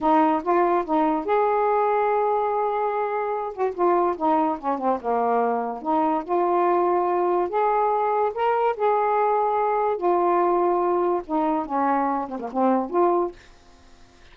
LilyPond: \new Staff \with { instrumentName = "saxophone" } { \time 4/4 \tempo 4 = 144 dis'4 f'4 dis'4 gis'4~ | gis'1~ | gis'8 fis'8 f'4 dis'4 cis'8 c'8 | ais2 dis'4 f'4~ |
f'2 gis'2 | ais'4 gis'2. | f'2. dis'4 | cis'4. c'16 ais16 c'4 f'4 | }